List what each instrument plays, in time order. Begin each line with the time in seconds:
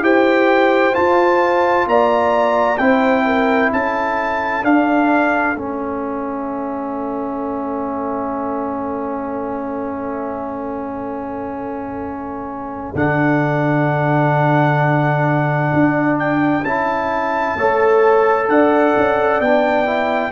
0.00 tuba E4, trombone G4, horn C5, trumpet G5
0.92 trombone F4, tuba F4, trumpet A5
1.86 tuba A#3, horn D5, trumpet A#5
2.78 tuba C4, trombone E4, horn C5, trumpet G5
3.25 horn A#4
3.72 tuba C#4, horn A4, trumpet A5
4.63 trombone D4, tuba D4, trumpet F5
5.55 tuba A3, trombone C#4, trumpet E5
12.95 tuba D3, trombone D4, trumpet F#5
15.73 tuba D4
16.19 trumpet G5
16.63 tuba C#4, trombone E4, trumpet A5
17.56 tuba A3, trombone A4, horn C#5
18.48 tuba D4, horn D5, trumpet F#5
18.96 tuba C#4
19.40 tuba B3, trombone D4, trumpet G5
19.85 trombone E4